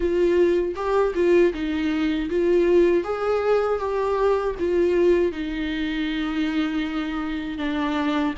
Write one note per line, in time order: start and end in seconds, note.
0.00 0.74 F4
0.75 1.13 G4
1.15 1.53 F4
1.53 2.29 D#4
2.29 3.04 F4
3.04 3.79 G#4
3.79 4.55 G4
4.59 5.32 F4
5.32 7.57 D#4
7.57 8.33 D4